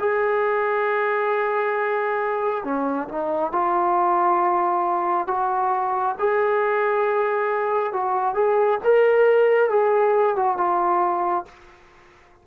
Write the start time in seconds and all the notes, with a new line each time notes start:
0.00 G#4
2.64 C#4
3.09 D#4
3.53 F4
5.27 F#4
6.19 G#4
7.93 F#4
8.35 G#4
8.84 A#4
9.70 G#4
10.36 F#4
10.58 F4